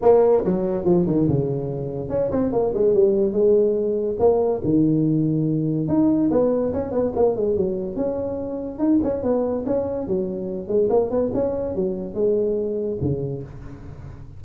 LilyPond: \new Staff \with { instrumentName = "tuba" } { \time 4/4 \tempo 4 = 143 ais4 fis4 f8 dis8 cis4~ | cis4 cis'8 c'8 ais8 gis8 g4 | gis2 ais4 dis4~ | dis2 dis'4 b4 |
cis'8 b8 ais8 gis8 fis4 cis'4~ | cis'4 dis'8 cis'8 b4 cis'4 | fis4. gis8 ais8 b8 cis'4 | fis4 gis2 cis4 | }